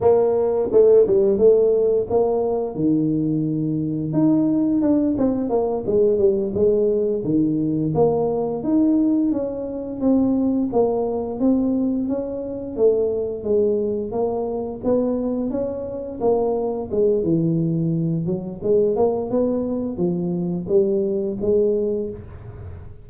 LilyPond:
\new Staff \with { instrumentName = "tuba" } { \time 4/4 \tempo 4 = 87 ais4 a8 g8 a4 ais4 | dis2 dis'4 d'8 c'8 | ais8 gis8 g8 gis4 dis4 ais8~ | ais8 dis'4 cis'4 c'4 ais8~ |
ais8 c'4 cis'4 a4 gis8~ | gis8 ais4 b4 cis'4 ais8~ | ais8 gis8 e4. fis8 gis8 ais8 | b4 f4 g4 gis4 | }